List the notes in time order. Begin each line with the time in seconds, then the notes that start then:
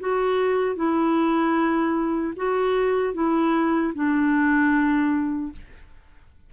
0.00 F#4
0.76 E4
2.36 F#4
3.14 E4
3.95 D4